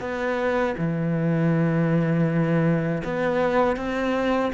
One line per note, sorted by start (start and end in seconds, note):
0.00 0.75 B3
0.77 3.02 E3
3.04 3.77 B3
3.77 4.52 C4